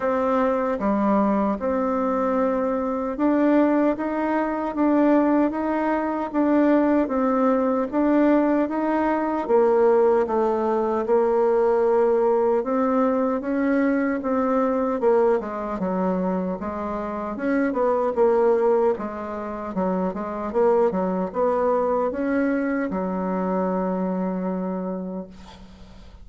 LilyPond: \new Staff \with { instrumentName = "bassoon" } { \time 4/4 \tempo 4 = 76 c'4 g4 c'2 | d'4 dis'4 d'4 dis'4 | d'4 c'4 d'4 dis'4 | ais4 a4 ais2 |
c'4 cis'4 c'4 ais8 gis8 | fis4 gis4 cis'8 b8 ais4 | gis4 fis8 gis8 ais8 fis8 b4 | cis'4 fis2. | }